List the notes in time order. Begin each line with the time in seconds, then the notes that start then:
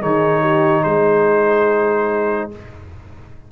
0.00 D#3 D#4 G#4 C#5
0.40 G4
0.83 G#3 G#4 C5